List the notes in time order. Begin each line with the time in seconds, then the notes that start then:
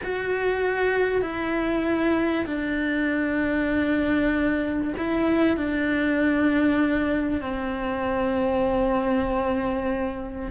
0.03 F#4
1.21 E4
2.46 D4
4.97 E4
5.56 D4
7.41 C4